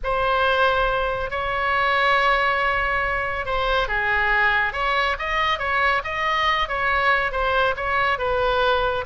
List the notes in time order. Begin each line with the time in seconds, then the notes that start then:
0.03 C5
1.30 C#5
3.45 C5
3.87 G#4
4.72 C#5
5.19 D#5
5.58 C#5
6.03 D#5
6.68 C#5
7.31 C5
7.76 C#5
8.18 B4